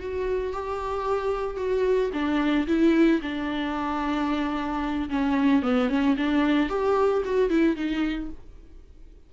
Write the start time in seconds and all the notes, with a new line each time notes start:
0.00 F#4
0.53 G4
1.57 F#4
2.14 D4
2.67 E4
3.22 D4
5.10 C#4
5.63 B3
5.90 C#4
6.17 D4
6.70 G4
7.25 F#4
7.50 E4
7.76 D#4